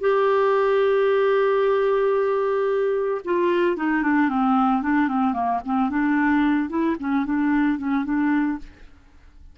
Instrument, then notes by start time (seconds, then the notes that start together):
clarinet
0.00 G4
3.25 F4
3.77 D#4
4.03 D4
4.29 C4
4.82 D4
5.08 C4
5.33 A#3
5.65 C4
5.90 D4
6.69 E4
6.99 C#4
7.25 D4
7.78 C#4
8.05 D4